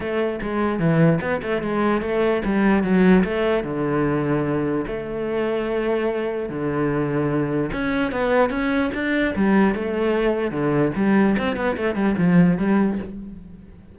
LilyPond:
\new Staff \with { instrumentName = "cello" } { \time 4/4 \tempo 4 = 148 a4 gis4 e4 b8 a8 | gis4 a4 g4 fis4 | a4 d2. | a1 |
d2. cis'4 | b4 cis'4 d'4 g4 | a2 d4 g4 | c'8 b8 a8 g8 f4 g4 | }